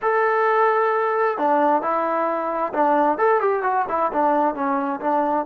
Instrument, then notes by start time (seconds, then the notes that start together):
trombone
0.02 A4
1.38 D4
1.81 E4
2.73 D4
3.18 A4
3.40 G4
3.62 F#4
3.88 E4
4.12 D4
4.54 C#4
5.00 D4